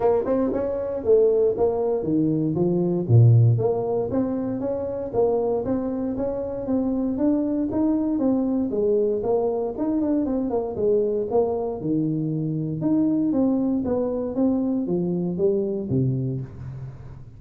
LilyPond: \new Staff \with { instrumentName = "tuba" } { \time 4/4 \tempo 4 = 117 ais8 c'8 cis'4 a4 ais4 | dis4 f4 ais,4 ais4 | c'4 cis'4 ais4 c'4 | cis'4 c'4 d'4 dis'4 |
c'4 gis4 ais4 dis'8 d'8 | c'8 ais8 gis4 ais4 dis4~ | dis4 dis'4 c'4 b4 | c'4 f4 g4 c4 | }